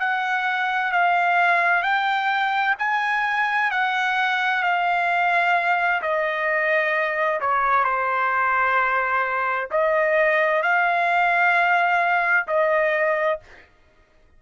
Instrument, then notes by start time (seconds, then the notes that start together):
trumpet
0.00 F#5
0.92 F5
1.83 G5
2.79 G#5
3.72 F#5
4.63 F5
6.03 D#5
7.41 C#5
7.85 C5
9.71 D#5
10.63 F5
12.48 D#5